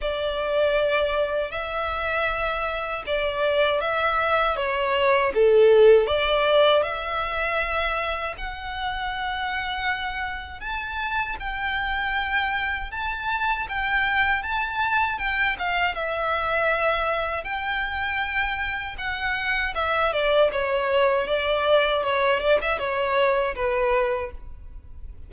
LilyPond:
\new Staff \with { instrumentName = "violin" } { \time 4/4 \tempo 4 = 79 d''2 e''2 | d''4 e''4 cis''4 a'4 | d''4 e''2 fis''4~ | fis''2 a''4 g''4~ |
g''4 a''4 g''4 a''4 | g''8 f''8 e''2 g''4~ | g''4 fis''4 e''8 d''8 cis''4 | d''4 cis''8 d''16 e''16 cis''4 b'4 | }